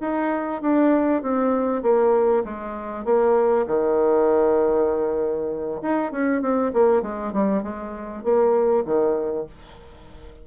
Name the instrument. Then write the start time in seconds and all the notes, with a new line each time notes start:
bassoon
0.00 D#4
0.62 D4
1.22 C4
1.82 A#3
2.44 G#3
3.04 A#3
3.67 D#3
5.82 D#4
6.11 C#4
6.41 C4
6.73 A#3
7.02 G#3
7.32 G3
7.62 G#3
8.23 A#3
8.85 D#3